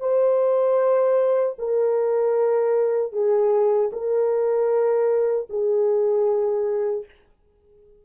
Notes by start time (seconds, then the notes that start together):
0.00 C5
1.58 A#4
3.12 G#4
3.92 A#4
5.49 G#4